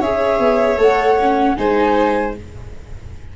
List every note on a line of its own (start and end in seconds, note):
0.00 0.39 C#4
0.00 0.78 G#4
0.00 1.56 C#5
0.00 0.80 E5
0.39 0.78 B3
0.78 1.56 A3
0.78 1.17 A4
0.78 1.56 F#5
1.21 1.56 C#4
1.56 2.36 G#3
1.56 2.34 D#4
1.56 2.36 C5
1.56 2.34 G#5